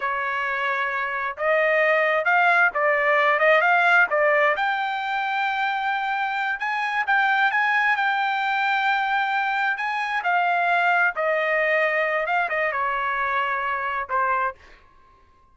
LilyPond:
\new Staff \with { instrumentName = "trumpet" } { \time 4/4 \tempo 4 = 132 cis''2. dis''4~ | dis''4 f''4 d''4. dis''8 | f''4 d''4 g''2~ | g''2~ g''8 gis''4 g''8~ |
g''8 gis''4 g''2~ g''8~ | g''4. gis''4 f''4.~ | f''8 dis''2~ dis''8 f''8 dis''8 | cis''2. c''4 | }